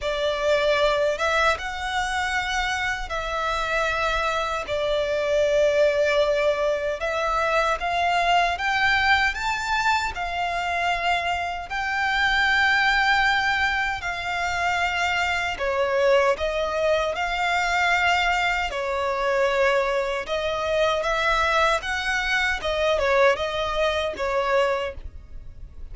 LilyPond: \new Staff \with { instrumentName = "violin" } { \time 4/4 \tempo 4 = 77 d''4. e''8 fis''2 | e''2 d''2~ | d''4 e''4 f''4 g''4 | a''4 f''2 g''4~ |
g''2 f''2 | cis''4 dis''4 f''2 | cis''2 dis''4 e''4 | fis''4 dis''8 cis''8 dis''4 cis''4 | }